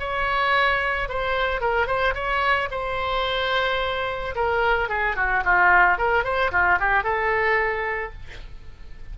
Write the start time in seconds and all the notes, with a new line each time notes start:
0.00 C#5
1.09 C5
1.61 A#4
1.87 C5
2.15 C#5
2.71 C5
4.35 A#4
4.89 G#4
5.16 F#4
5.45 F4
5.98 A#4
6.24 C5
6.52 F4
6.80 G4
7.04 A4